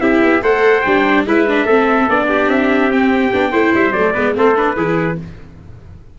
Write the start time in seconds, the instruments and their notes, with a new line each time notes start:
0.00 tuba C4, viola E4, trumpet G4 E5
0.21 tuba B3
0.42 tuba A3, viola A4, trumpet C5 F#5
0.81 tuba G3, viola D4, trumpet G5
1.25 tuba G#3, viola E4, trumpet B4 E5
1.47 viola D4
1.65 tuba A3, viola C4, trumpet A4
2.08 tuba B3, viola D4, trumpet D5
2.29 trumpet G4
2.47 tuba C4, trumpet E5
2.90 viola C4, trumpet G5
3.33 tuba B3, viola D4
3.51 tuba A3, viola E4, trumpet C5
3.74 tuba G3, trumpet E5
3.91 tuba F#3, viola A3, trumpet D5
4.13 tuba G#3, viola B3, trumpet B4
4.34 tuba A3, viola C4, trumpet A4 C5
4.55 viola D4, trumpet B4
4.76 tuba E3, viola E4, trumpet G#4